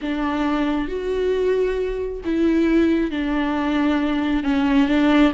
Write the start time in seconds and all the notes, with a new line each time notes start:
0.01 D4
0.88 F#4
2.24 E4
3.10 D4
4.43 C#4
4.88 D4